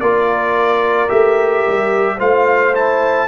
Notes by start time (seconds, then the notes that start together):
0.00 A#3 F4 A#4 D5
1.09 A3 G4 E5
1.67 G3
2.17 A3 F4 C5 F5
2.75 E4 A5